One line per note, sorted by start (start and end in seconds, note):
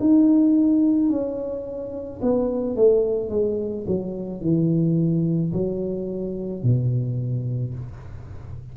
0.00 1.10 D#4
1.10 2.21 C#4
2.22 2.76 B3
2.76 3.30 A3
3.30 3.85 G#3
3.87 4.41 F#3
4.41 5.53 E3
5.53 6.63 F#3
6.63 7.74 B2